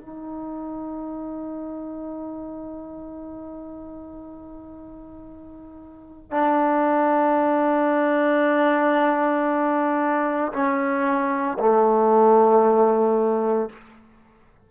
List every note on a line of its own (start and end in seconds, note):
0.00 6.31 D#4
6.31 10.52 D4
10.52 11.57 C#4
11.59 13.69 A3